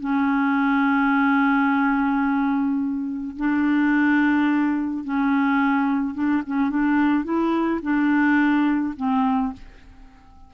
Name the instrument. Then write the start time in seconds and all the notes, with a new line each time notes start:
clarinet
0.00 C#4
3.37 D4
5.04 C#4
6.15 D4
6.47 C#4
6.70 D4
7.24 E4
7.82 D4
8.97 C4